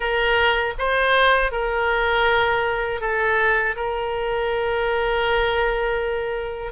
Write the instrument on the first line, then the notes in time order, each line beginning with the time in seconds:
oboe
0.00 A#4
0.78 C5
1.51 A#4
3.00 A4
3.76 A#4